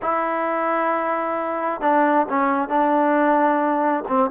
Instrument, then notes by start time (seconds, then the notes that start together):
trombone
0.02 E4
1.81 D4
2.29 C#4
2.68 D4
4.08 C4